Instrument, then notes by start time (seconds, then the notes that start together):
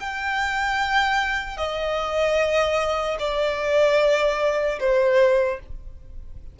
violin
0.00 G5
1.57 D#5
3.19 D5
4.80 C5